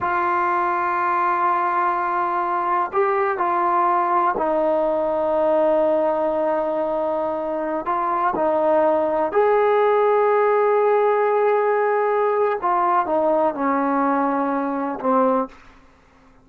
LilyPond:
\new Staff \with { instrumentName = "trombone" } { \time 4/4 \tempo 4 = 124 f'1~ | f'2 g'4 f'4~ | f'4 dis'2.~ | dis'1~ |
dis'16 f'4 dis'2 gis'8.~ | gis'1~ | gis'2 f'4 dis'4 | cis'2. c'4 | }